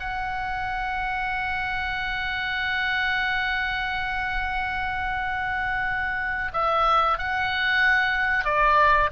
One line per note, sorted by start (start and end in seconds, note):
0.00 6.52 F#5
6.53 7.18 E5
7.18 8.45 F#5
8.45 9.10 D5